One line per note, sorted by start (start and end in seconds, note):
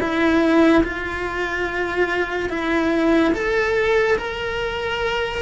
0.00 0.83 E4
0.84 2.50 F4
2.50 3.33 E4
3.34 4.17 A4
4.18 5.42 A#4